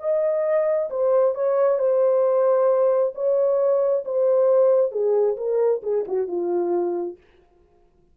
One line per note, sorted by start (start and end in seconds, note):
0.00 0.90 D#5
0.90 1.35 C5
1.35 1.79 C#5
1.79 3.13 C5
3.15 4.04 C#5
4.05 4.92 C5
4.92 5.37 G#4
5.37 5.82 A#4
5.83 6.05 G#4
6.08 6.28 F#4
6.28 7.17 F4